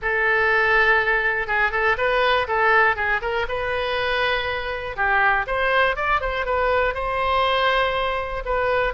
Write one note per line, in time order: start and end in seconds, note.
0.02 1.47 A4
1.47 1.71 G#4
1.71 1.96 A4
1.97 2.47 B4
2.47 2.95 A4
2.95 3.20 G#4
3.21 3.46 A#4
3.48 4.96 B4
4.96 5.46 G4
5.46 5.95 C5
5.95 6.20 D5
6.21 6.45 C5
6.45 6.94 B4
6.94 8.43 C5
8.45 8.93 B4